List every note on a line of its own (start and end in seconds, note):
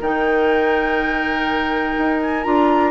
0.00 1.96 D#3
0.00 2.43 D#4
0.00 2.91 A#4
0.00 2.21 G5
1.98 2.45 D#4
2.21 2.43 G#5
2.43 2.91 D4
2.43 2.91 F4
2.43 2.91 A#5